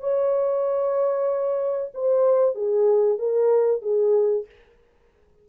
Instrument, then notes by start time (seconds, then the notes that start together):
horn
0.00 C#5
1.94 C5
2.55 G#4
3.18 A#4
3.82 G#4